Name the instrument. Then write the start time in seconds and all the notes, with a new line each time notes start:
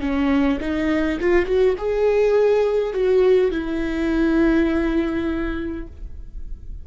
viola
0.00 C#4
0.60 D#4
1.20 F4
1.45 F#4
1.78 G#4
2.93 F#4
3.51 E4